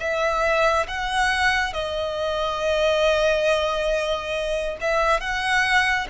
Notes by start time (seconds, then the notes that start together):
0.00 E5
0.87 F#5
1.74 D#5
4.81 E5
5.20 F#5